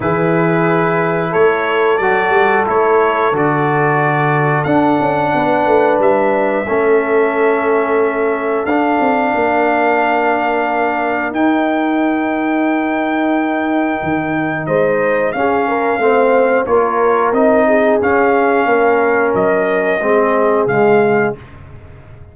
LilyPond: <<
  \new Staff \with { instrumentName = "trumpet" } { \time 4/4 \tempo 4 = 90 b'2 cis''4 d''4 | cis''4 d''2 fis''4~ | fis''4 e''2.~ | e''4 f''2.~ |
f''4 g''2.~ | g''2 dis''4 f''4~ | f''4 cis''4 dis''4 f''4~ | f''4 dis''2 f''4 | }
  \new Staff \with { instrumentName = "horn" } { \time 4/4 gis'2 a'2~ | a'1 | b'2 a'2~ | a'2 ais'2~ |
ais'1~ | ais'2 c''4 gis'8 ais'8 | c''4 ais'4. gis'4. | ais'2 gis'2 | }
  \new Staff \with { instrumentName = "trombone" } { \time 4/4 e'2. fis'4 | e'4 fis'2 d'4~ | d'2 cis'2~ | cis'4 d'2.~ |
d'4 dis'2.~ | dis'2. cis'4 | c'4 f'4 dis'4 cis'4~ | cis'2 c'4 gis4 | }
  \new Staff \with { instrumentName = "tuba" } { \time 4/4 e2 a4 fis8 g8 | a4 d2 d'8 cis'8 | b8 a8 g4 a2~ | a4 d'8 c'8 ais2~ |
ais4 dis'2.~ | dis'4 dis4 gis4 cis'4 | a4 ais4 c'4 cis'4 | ais4 fis4 gis4 cis4 | }
>>